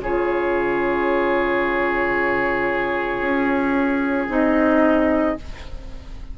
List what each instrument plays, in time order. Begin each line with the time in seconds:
0.00 bassoon C#3, clarinet F4, oboe G#4, flute C#5
3.21 bassoon C#4
4.29 bassoon C4, clarinet D#4, flute D#5